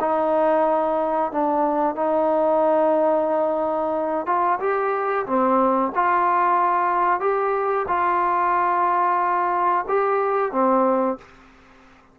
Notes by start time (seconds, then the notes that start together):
0.00 D#4
1.32 D4
1.95 D#4
4.26 F4
4.60 G4
5.26 C4
5.95 F4
7.20 G4
7.88 F4
9.88 G4
10.52 C4